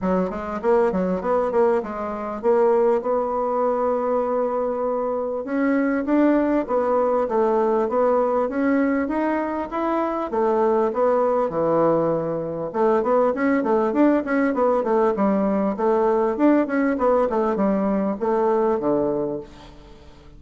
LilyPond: \new Staff \with { instrumentName = "bassoon" } { \time 4/4 \tempo 4 = 99 fis8 gis8 ais8 fis8 b8 ais8 gis4 | ais4 b2.~ | b4 cis'4 d'4 b4 | a4 b4 cis'4 dis'4 |
e'4 a4 b4 e4~ | e4 a8 b8 cis'8 a8 d'8 cis'8 | b8 a8 g4 a4 d'8 cis'8 | b8 a8 g4 a4 d4 | }